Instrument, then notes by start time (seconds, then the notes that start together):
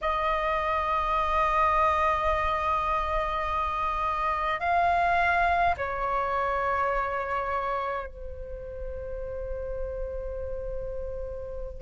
flute
0.01 D#5
4.59 F5
5.77 C#5
8.07 C5